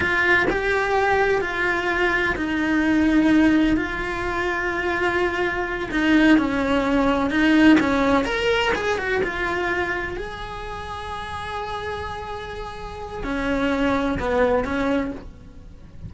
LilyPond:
\new Staff \with { instrumentName = "cello" } { \time 4/4 \tempo 4 = 127 f'4 g'2 f'4~ | f'4 dis'2. | f'1~ | f'8 dis'4 cis'2 dis'8~ |
dis'8 cis'4 ais'4 gis'8 fis'8 f'8~ | f'4. gis'2~ gis'8~ | gis'1 | cis'2 b4 cis'4 | }